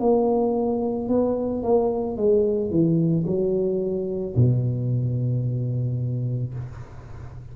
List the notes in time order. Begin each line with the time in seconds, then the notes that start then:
0.00 A#3
1.09 B3
1.63 A#3
2.17 G#3
2.71 E3
3.26 F#3
4.36 B2